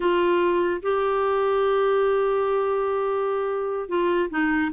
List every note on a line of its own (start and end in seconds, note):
0.00 0.81 F4
0.82 3.88 G4
3.88 4.29 F4
4.29 4.71 D#4